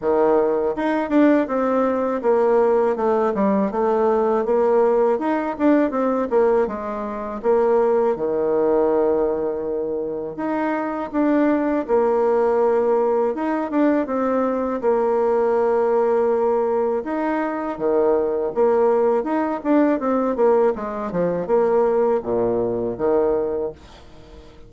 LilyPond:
\new Staff \with { instrumentName = "bassoon" } { \time 4/4 \tempo 4 = 81 dis4 dis'8 d'8 c'4 ais4 | a8 g8 a4 ais4 dis'8 d'8 | c'8 ais8 gis4 ais4 dis4~ | dis2 dis'4 d'4 |
ais2 dis'8 d'8 c'4 | ais2. dis'4 | dis4 ais4 dis'8 d'8 c'8 ais8 | gis8 f8 ais4 ais,4 dis4 | }